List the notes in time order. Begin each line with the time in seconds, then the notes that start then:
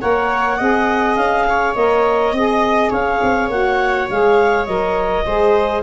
0.00 A#3 A#4 C#5 F#5
0.57 C4 G#4 D#5
1.16 C#4 F5
1.49 C#5
1.75 A#3 A#4 D#5
2.32 C4 G#4 D#5
2.90 C#4 C#5 F5
3.23 C4
3.49 A#3 F#4 F#5
4.09 G#3 G#4 F5
4.65 F#3 A#4 D#5
5.25 G#3 G#4 C5